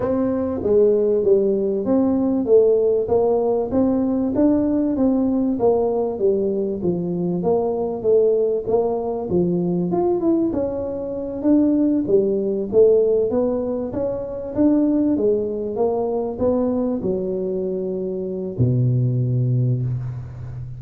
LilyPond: \new Staff \with { instrumentName = "tuba" } { \time 4/4 \tempo 4 = 97 c'4 gis4 g4 c'4 | a4 ais4 c'4 d'4 | c'4 ais4 g4 f4 | ais4 a4 ais4 f4 |
f'8 e'8 cis'4. d'4 g8~ | g8 a4 b4 cis'4 d'8~ | d'8 gis4 ais4 b4 fis8~ | fis2 b,2 | }